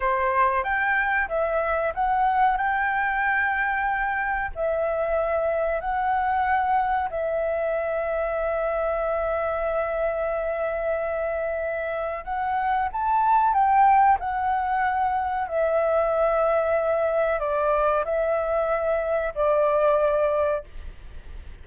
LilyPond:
\new Staff \with { instrumentName = "flute" } { \time 4/4 \tempo 4 = 93 c''4 g''4 e''4 fis''4 | g''2. e''4~ | e''4 fis''2 e''4~ | e''1~ |
e''2. fis''4 | a''4 g''4 fis''2 | e''2. d''4 | e''2 d''2 | }